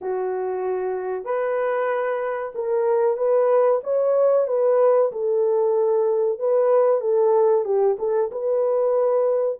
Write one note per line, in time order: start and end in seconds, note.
0.01 1.24 F#4
1.24 2.52 B4
2.54 3.17 A#4
3.17 3.80 B4
3.83 4.47 C#5
4.47 5.11 B4
5.12 6.39 A4
6.39 7.01 B4
7.01 7.65 A4
7.65 7.96 G4
7.98 8.30 A4
8.31 9.59 B4